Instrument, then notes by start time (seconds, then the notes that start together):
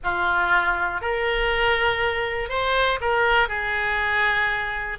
oboe
0.03 F4
1.01 A#4
2.49 C5
3.00 A#4
3.48 G#4